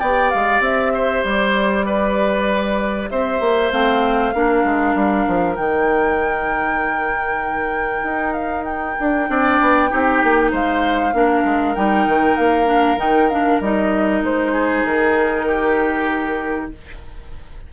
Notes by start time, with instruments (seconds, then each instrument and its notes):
0.00 bassoon B3, clarinet G4, oboe D5, flute G5
0.30 bassoon G#3, flute F5
0.60 bassoon C4, flute E5
0.94 oboe C5
1.24 bassoon G3, flute D5
1.86 oboe B4
3.10 bassoon C4, oboe C5, flute E5
3.40 bassoon A#3
3.71 bassoon A3, clarinet C4, flute F5
4.35 bassoon A#3, clarinet D4, oboe A#4
4.64 bassoon G#3
4.95 bassoon G3
5.27 bassoon F3
5.56 bassoon D#3, clarinet D#4, flute G5
8.03 bassoon D#4
8.33 flute F5
8.64 flute G5
9.00 bassoon D4
9.28 bassoon C4, clarinet D4, oboe D5
9.61 bassoon B3
9.89 bassoon C4, clarinet D#4, oboe G4
10.23 bassoon A#3
10.52 bassoon G#3, oboe C5, flute F5
11.13 bassoon A#3, clarinet D4, oboe A#4
11.45 bassoon G#3
11.75 bassoon G3, clarinet D#4, flute G5
12.07 bassoon D#3
12.37 bassoon A#3, flute F5
12.66 clarinet D4
12.97 bassoon D#3, clarinet D#4, flute G5
13.30 clarinet D4, flute F5
13.61 bassoon G3, clarinet D#4, flute D#5
14.22 bassoon G#3, flute C5
14.53 oboe G#4
14.85 bassoon D#3, flute A#4
15.48 oboe G4